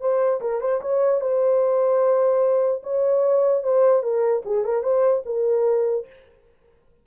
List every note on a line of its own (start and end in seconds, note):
0.00 0.40 C5
0.40 0.61 A#4
0.61 0.81 C5
0.81 1.21 C#5
1.21 2.82 C5
2.83 3.63 C#5
3.63 4.02 C5
4.02 4.43 A#4
4.45 4.64 G#4
4.64 4.83 A#4
4.83 5.23 C5
5.26 6.06 A#4